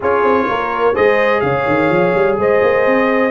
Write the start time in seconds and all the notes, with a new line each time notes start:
0.00 C#4 F4 G#4 C#5
0.23 C4
0.46 A#3 A#4
0.94 G#3 G#4 C5 D#5
1.40 C#3 C#5 F5
1.67 D#3
1.89 F3
2.15 G3
2.37 G#3 C5 D#5
2.62 A#3
2.86 C4